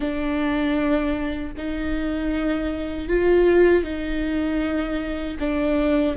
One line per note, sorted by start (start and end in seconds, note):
0.00 1.53 D4
1.57 3.08 D#4
3.08 3.83 F4
3.83 5.37 D#4
5.39 6.16 D4